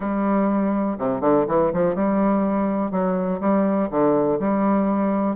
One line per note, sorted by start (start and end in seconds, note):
0.00 0.97 G3
0.98 1.20 C3
1.20 1.45 D3
1.47 1.72 E3
1.73 1.95 F3
1.95 2.91 G3
2.91 3.40 F#3
3.40 3.89 G3
3.90 4.39 D3
4.39 5.36 G3